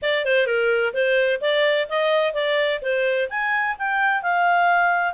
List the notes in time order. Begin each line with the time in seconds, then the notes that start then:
0.02 D5
0.25 C5
0.46 A#4
0.93 C5
1.41 D5
1.89 D#5
2.33 D5
2.81 C5
3.29 G#5
3.78 G5
4.22 F5